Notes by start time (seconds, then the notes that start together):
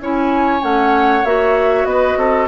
0.00 C#4 E4 C#5 G#5
0.61 A3 C#4 F#5
1.24 A#3 F#4 E5
1.85 B3 B4 D#5
2.17 C4 A4